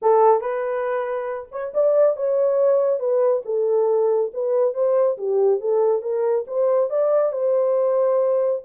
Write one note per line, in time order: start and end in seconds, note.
0.01 0.40 A4
0.40 1.48 B4
1.51 1.73 C#5
1.73 2.16 D5
2.16 2.99 C#5
2.99 3.42 B4
3.45 4.31 A4
4.33 4.74 B4
4.74 5.17 C5
5.17 5.60 G4
5.60 6.02 A4
6.02 6.45 A#4
6.47 6.90 C5
6.90 7.32 D5
7.32 8.62 C5